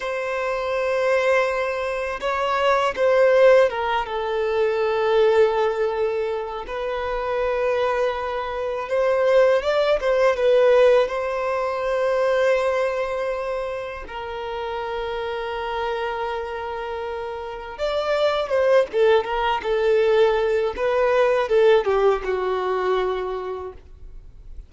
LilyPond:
\new Staff \with { instrumentName = "violin" } { \time 4/4 \tempo 4 = 81 c''2. cis''4 | c''4 ais'8 a'2~ a'8~ | a'4 b'2. | c''4 d''8 c''8 b'4 c''4~ |
c''2. ais'4~ | ais'1 | d''4 c''8 a'8 ais'8 a'4. | b'4 a'8 g'8 fis'2 | }